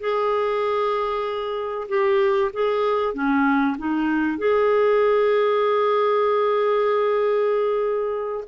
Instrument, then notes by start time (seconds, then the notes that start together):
clarinet
0.00 G#4
1.89 G4
2.53 G#4
3.14 C#4
3.78 D#4
4.38 G#4